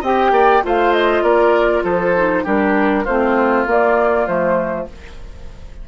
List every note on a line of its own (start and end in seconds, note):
0.00 0.31 C4
0.00 0.62 G4
0.00 0.30 D#5
0.00 0.64 G5
0.31 0.61 A#3
0.31 0.63 D5
0.62 1.22 A3
0.62 2.14 F4
0.62 1.23 C5
0.62 0.93 F5
0.93 1.23 D#5
1.22 1.82 A#3
1.22 1.83 A#4
1.22 1.83 D5
1.83 2.44 F3
1.83 2.43 A4
1.83 2.45 C5
2.16 2.44 D#4
2.43 3.06 G3
2.43 3.05 D4
2.43 3.04 G4
2.43 3.05 A#4
3.04 3.66 A3
3.04 3.66 C4
3.04 4.85 F4
3.04 3.66 C5
3.66 4.26 A#3
3.66 4.27 A#3
3.66 4.26 D5
4.26 4.88 F3
4.26 4.86 A3
4.26 4.87 C5